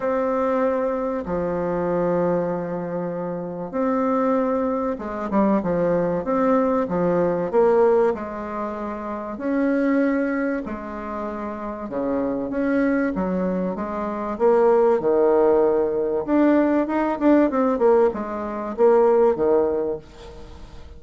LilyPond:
\new Staff \with { instrumentName = "bassoon" } { \time 4/4 \tempo 4 = 96 c'2 f2~ | f2 c'2 | gis8 g8 f4 c'4 f4 | ais4 gis2 cis'4~ |
cis'4 gis2 cis4 | cis'4 fis4 gis4 ais4 | dis2 d'4 dis'8 d'8 | c'8 ais8 gis4 ais4 dis4 | }